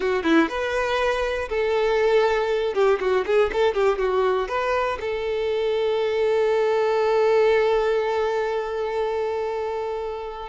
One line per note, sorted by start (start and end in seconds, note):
0.00 0.23 F#4
0.23 0.48 E4
0.48 1.48 B4
1.49 2.74 A4
2.74 2.99 G4
3.00 3.25 F#4
3.25 3.50 G#4
3.52 3.73 A4
3.73 3.98 G4
3.98 4.48 F#4
4.48 4.98 B4
5.00 10.49 A4